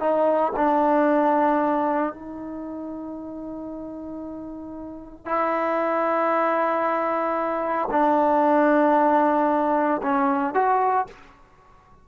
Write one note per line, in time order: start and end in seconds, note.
0.00 0.53 D#4
0.56 2.14 D4
2.14 5.26 D#4
5.26 7.89 E4
7.91 10.02 D4
10.03 10.54 C#4
10.54 11.07 F#4